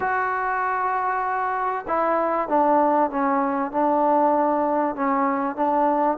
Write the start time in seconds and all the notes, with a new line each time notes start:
0.00 F#4
1.87 E4
2.48 D4
3.10 C#4
3.71 D4
4.95 C#4
5.55 D4